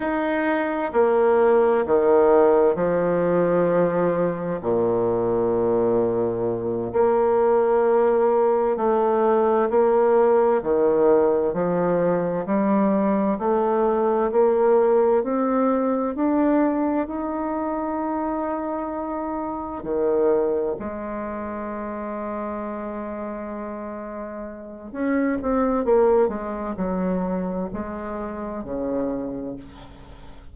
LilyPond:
\new Staff \with { instrumentName = "bassoon" } { \time 4/4 \tempo 4 = 65 dis'4 ais4 dis4 f4~ | f4 ais,2~ ais,8 ais8~ | ais4. a4 ais4 dis8~ | dis8 f4 g4 a4 ais8~ |
ais8 c'4 d'4 dis'4.~ | dis'4. dis4 gis4.~ | gis2. cis'8 c'8 | ais8 gis8 fis4 gis4 cis4 | }